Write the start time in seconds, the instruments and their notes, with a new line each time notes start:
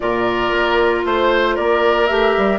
0.00 bassoon A#2, clarinet F4, oboe A#4, flute D5
0.51 bassoon A#3
1.05 bassoon A3, flute C5, oboe C5
1.55 bassoon A#3, oboe A#4, flute D5
2.06 bassoon A3, clarinet G4, flute E5
2.37 bassoon G3